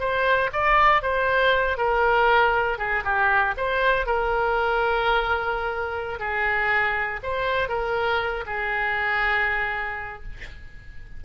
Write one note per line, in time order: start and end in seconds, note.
0.00 0.50 C5
0.53 1.02 D5
1.02 1.77 C5
1.77 2.78 A#4
2.78 3.03 G#4
3.04 3.55 G4
3.57 4.06 C5
4.06 6.19 A#4
6.19 7.20 G#4
7.23 7.69 C5
7.69 8.44 A#4
8.46 10.23 G#4